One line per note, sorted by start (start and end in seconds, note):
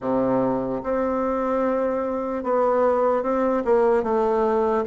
0.00 0.81 C3
0.83 2.43 C4
2.43 3.22 B3
3.22 3.63 C4
3.64 4.03 A#3
4.03 4.84 A3